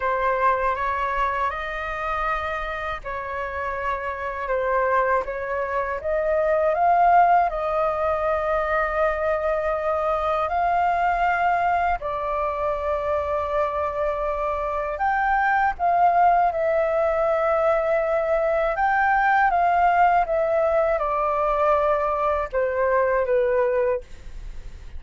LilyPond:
\new Staff \with { instrumentName = "flute" } { \time 4/4 \tempo 4 = 80 c''4 cis''4 dis''2 | cis''2 c''4 cis''4 | dis''4 f''4 dis''2~ | dis''2 f''2 |
d''1 | g''4 f''4 e''2~ | e''4 g''4 f''4 e''4 | d''2 c''4 b'4 | }